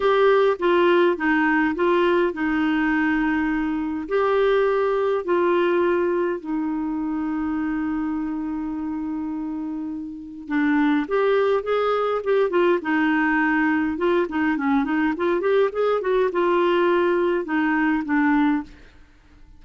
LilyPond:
\new Staff \with { instrumentName = "clarinet" } { \time 4/4 \tempo 4 = 103 g'4 f'4 dis'4 f'4 | dis'2. g'4~ | g'4 f'2 dis'4~ | dis'1~ |
dis'2 d'4 g'4 | gis'4 g'8 f'8 dis'2 | f'8 dis'8 cis'8 dis'8 f'8 g'8 gis'8 fis'8 | f'2 dis'4 d'4 | }